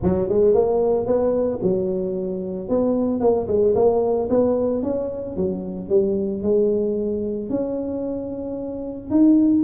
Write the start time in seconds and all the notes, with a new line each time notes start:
0.03 F#3
0.28 G#3
0.54 A#3
1.06 B3
1.62 F#3
2.68 B3
3.20 A#3
3.47 G#3
3.75 A#3
4.29 B3
4.82 C#4
5.36 F#3
5.89 G3
6.42 G#3
7.49 C#4
9.10 D#4